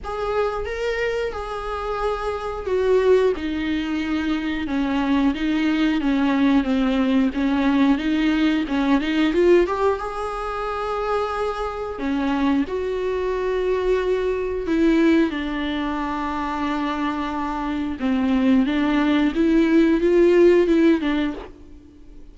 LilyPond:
\new Staff \with { instrumentName = "viola" } { \time 4/4 \tempo 4 = 90 gis'4 ais'4 gis'2 | fis'4 dis'2 cis'4 | dis'4 cis'4 c'4 cis'4 | dis'4 cis'8 dis'8 f'8 g'8 gis'4~ |
gis'2 cis'4 fis'4~ | fis'2 e'4 d'4~ | d'2. c'4 | d'4 e'4 f'4 e'8 d'8 | }